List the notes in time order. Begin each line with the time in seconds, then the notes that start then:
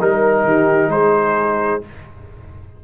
0.00 G3 D#4 A#4
0.44 D#3 G4
0.88 G#3 G#4 C5